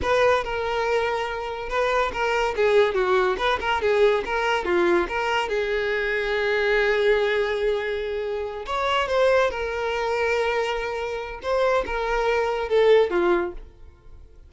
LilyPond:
\new Staff \with { instrumentName = "violin" } { \time 4/4 \tempo 4 = 142 b'4 ais'2. | b'4 ais'4 gis'4 fis'4 | b'8 ais'8 gis'4 ais'4 f'4 | ais'4 gis'2.~ |
gis'1~ | gis'8 cis''4 c''4 ais'4.~ | ais'2. c''4 | ais'2 a'4 f'4 | }